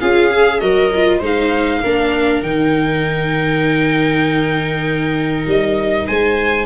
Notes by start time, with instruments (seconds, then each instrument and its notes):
0.00 tuba C#4, viola F4 G#4, violin F5
0.31 viola G#4
0.59 tuba F#3, viola F#4 A#4, violin D#5
0.95 viola F4
1.18 tuba G#3, viola D#4 C5
1.25 violin F5
1.83 tuba A#3, viola D4 A#4
2.42 tuba D#3, viola D#4, violin G5
5.46 tuba G3, violin D#5
6.06 tuba G#3, viola C5, violin G#5